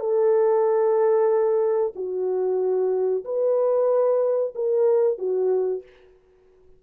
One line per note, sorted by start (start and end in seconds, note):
0.00 1.94 A4
1.96 3.25 F#4
3.25 4.54 B4
4.55 5.18 A#4
5.18 5.83 F#4